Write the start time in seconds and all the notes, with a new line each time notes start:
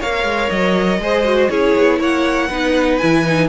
0.00 A#3 A#4 C#5 F5
0.24 G#3
0.50 F#3 D#5
0.99 G#3 G#4 C5
1.25 F#4
1.49 C#4 E4 G#4 C#5
1.76 B3
1.99 A#3 C#5 F#5
2.48 B3 D#4 B4
2.98 E3 E4 G#5
3.25 D#4